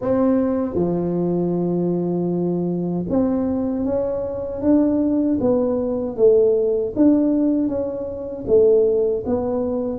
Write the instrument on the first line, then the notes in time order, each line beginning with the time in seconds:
tuba
0.01 C4
0.74 F3
3.09 C4
3.84 C#4
4.61 D4
5.40 B3
6.16 A3
6.96 D4
7.67 C#4
8.47 A3
9.26 B3